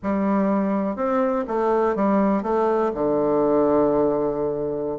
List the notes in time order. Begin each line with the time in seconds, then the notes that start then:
0.02 G3
0.96 C4
1.47 A3
1.95 G3
2.42 A3
2.94 D3